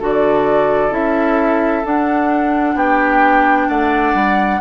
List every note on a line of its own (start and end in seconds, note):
0.00 0.91 D3
0.00 0.91 F#4
0.00 2.76 A4
0.00 0.93 D5
0.91 1.83 C#4
0.91 1.83 E4
0.91 1.86 E5
1.85 4.62 D4
1.85 2.75 D4
1.85 2.78 F#5
2.75 3.67 B3
2.75 3.68 G4
2.75 3.70 G5
3.69 4.14 A3
3.69 4.61 D5
3.69 4.62 F#5
4.14 4.61 G3